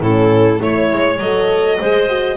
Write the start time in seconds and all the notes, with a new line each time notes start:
0.00 A2 C#4 E4 A4
0.58 A3 E4 C#5
0.92 G#3
1.19 F#3 A4 D#5
1.79 G#3 G#4 C5
2.09 F#4